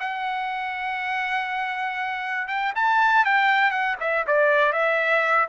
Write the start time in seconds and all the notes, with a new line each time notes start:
0.00 F#5
2.48 G5
2.75 A5
3.25 G5
3.71 F#5
4.00 E5
4.27 D5
4.73 E5